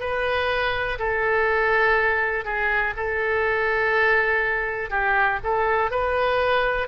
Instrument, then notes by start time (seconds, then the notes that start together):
oboe
0.00 B4
0.99 A4
2.45 G#4
2.96 A4
4.90 G4
5.44 A4
5.91 B4